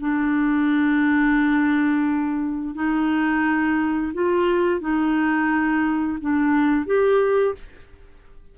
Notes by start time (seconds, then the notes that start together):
0.00 D4
2.75 D#4
4.13 F4
4.80 D#4
6.20 D4
6.86 G4